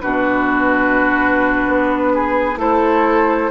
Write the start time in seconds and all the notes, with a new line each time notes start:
0.00 B2 D4 F#4 B4
1.67 B3
2.13 G#4
2.56 A3 E4 A4 C5